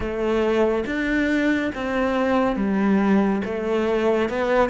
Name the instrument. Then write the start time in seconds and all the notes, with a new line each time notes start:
cello
0.00 A3
0.86 D4
1.75 C4
2.56 G3
3.44 A3
4.29 B3